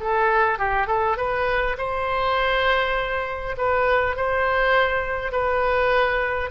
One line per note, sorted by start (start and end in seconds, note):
0.00 0.59 A4
0.59 0.87 G4
0.87 1.17 A4
1.17 1.76 B4
1.77 3.56 C5
3.57 4.16 B4
4.16 5.32 C5
5.32 6.50 B4